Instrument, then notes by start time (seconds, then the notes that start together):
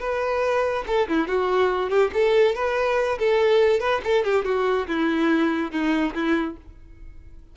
violin
0.00 B4
0.87 A4
1.08 E4
1.28 F#4
1.90 G4
2.14 A4
2.55 B4
3.19 A4
3.80 B4
4.04 A4
4.24 G4
4.45 F#4
4.87 E4
5.72 D#4
6.14 E4